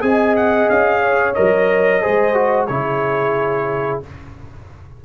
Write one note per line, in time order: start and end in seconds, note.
0.00 0.68 C4
0.00 1.33 G#4
0.00 1.02 D#5
0.00 0.35 G#5
0.36 0.69 F#5
0.69 1.36 C#4
0.69 1.34 F5
1.02 2.02 C#5
1.34 2.05 F#3
1.34 2.01 A#4
1.34 2.66 D#5
2.01 2.69 G#3
2.01 2.34 G#4
2.01 2.68 C5
2.34 2.67 F#4
2.66 4.02 C#3
2.66 4.02 E4
2.66 4.04 G#4
2.66 3.99 C#5